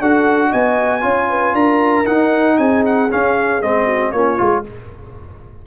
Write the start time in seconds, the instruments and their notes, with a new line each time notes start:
0.00 tuba D4, trombone F#4, horn A4, trumpet F#5
0.49 tuba B3, horn D#5, trumpet G#5
1.01 tuba C#4, trombone F4, horn C#5
1.29 horn B4
1.53 tuba D4, horn A#4, trumpet A#5
2.05 trombone D#4, tuba D#4, trumpet F#5
2.57 tuba C4, horn G#4, trumpet G#5
2.85 trumpet F#5
3.10 trombone C#4, tuba C#4, trumpet F5
3.62 tuba G#3, trombone C4, trumpet D#5
3.85 horn F#4
4.12 tuba A#3, trombone C#4, horn F4, trumpet C#5
4.37 tuba G#3, trombone F4